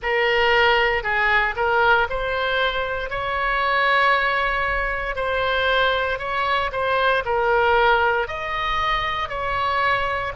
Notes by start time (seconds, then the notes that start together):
0.02 A#4
1.03 G#4
1.56 A#4
2.09 C5
3.10 C#5
5.15 C5
6.18 C#5
6.71 C5
7.25 A#4
8.28 D#5
9.28 C#5